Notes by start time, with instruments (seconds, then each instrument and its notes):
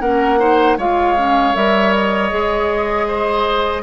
0.00 bassoon A#3, clarinet C#4, oboe A#4, flute F#5
0.39 clarinet D#4, oboe C5
0.77 bassoon G#3, clarinet F4, oboe C#5, flute F5
1.17 clarinet C#4
1.54 bassoon G3, clarinet A#4, flute E5
1.94 flute D#5
2.30 bassoon G#3, clarinet G#4
3.08 oboe C5